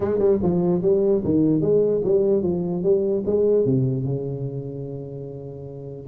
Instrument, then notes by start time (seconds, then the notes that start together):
tuba
0.00 G#3
0.18 G3
0.42 F3
0.82 G3
1.24 D#3
1.61 G#3
2.04 G3
2.42 F3
2.83 G3
3.26 G#3
3.65 C3
4.04 C#3